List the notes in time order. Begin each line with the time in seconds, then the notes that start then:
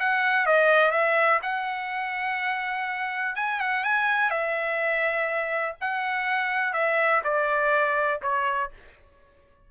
0.00 F#5
0.46 D#5
0.91 E5
1.43 F#5
3.36 G#5
3.60 F#5
3.84 G#5
4.31 E5
5.81 F#5
6.74 E5
7.24 D5
8.23 C#5